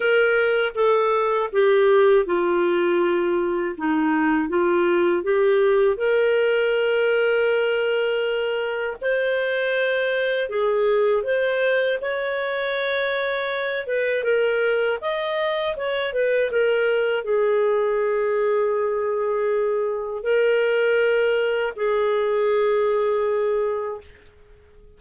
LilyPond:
\new Staff \with { instrumentName = "clarinet" } { \time 4/4 \tempo 4 = 80 ais'4 a'4 g'4 f'4~ | f'4 dis'4 f'4 g'4 | ais'1 | c''2 gis'4 c''4 |
cis''2~ cis''8 b'8 ais'4 | dis''4 cis''8 b'8 ais'4 gis'4~ | gis'2. ais'4~ | ais'4 gis'2. | }